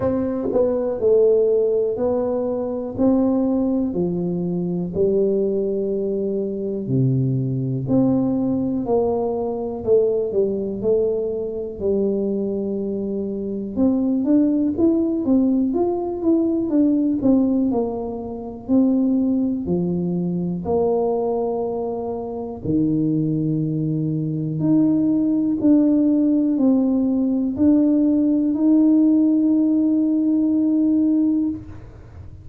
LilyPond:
\new Staff \with { instrumentName = "tuba" } { \time 4/4 \tempo 4 = 61 c'8 b8 a4 b4 c'4 | f4 g2 c4 | c'4 ais4 a8 g8 a4 | g2 c'8 d'8 e'8 c'8 |
f'8 e'8 d'8 c'8 ais4 c'4 | f4 ais2 dis4~ | dis4 dis'4 d'4 c'4 | d'4 dis'2. | }